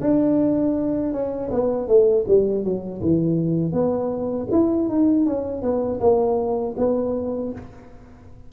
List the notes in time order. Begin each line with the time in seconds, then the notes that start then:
0.00 D4
1.12 C#4
1.50 B3
1.87 A3
2.27 G3
2.64 F#3
3.01 E3
3.72 B3
4.51 E4
4.89 D#4
5.26 C#4
5.61 B3
6.00 A#3
6.77 B3